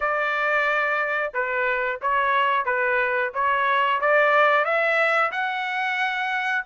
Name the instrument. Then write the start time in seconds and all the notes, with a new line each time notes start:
trumpet
0.00 D5
1.33 B4
2.01 C#5
2.65 B4
3.34 C#5
4.00 D5
4.64 E5
5.32 F#5